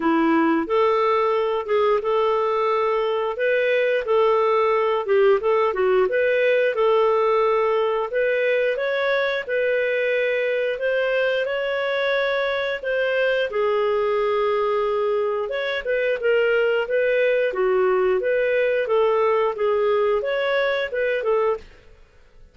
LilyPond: \new Staff \with { instrumentName = "clarinet" } { \time 4/4 \tempo 4 = 89 e'4 a'4. gis'8 a'4~ | a'4 b'4 a'4. g'8 | a'8 fis'8 b'4 a'2 | b'4 cis''4 b'2 |
c''4 cis''2 c''4 | gis'2. cis''8 b'8 | ais'4 b'4 fis'4 b'4 | a'4 gis'4 cis''4 b'8 a'8 | }